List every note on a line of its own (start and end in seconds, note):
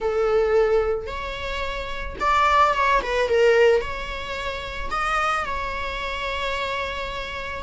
0.00 1.06 A4
1.06 2.15 C#5
2.19 2.74 D5
2.74 3.01 C#5
3.01 3.28 B4
3.28 3.81 A#4
3.81 4.90 C#5
4.90 5.45 D#5
5.45 7.63 C#5